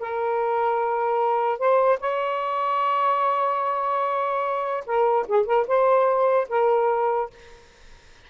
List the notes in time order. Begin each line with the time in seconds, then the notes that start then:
0.00 A#4
1.59 C5
2.01 C#5
4.86 A#4
5.28 G#4
5.47 A#4
5.68 C5
6.49 A#4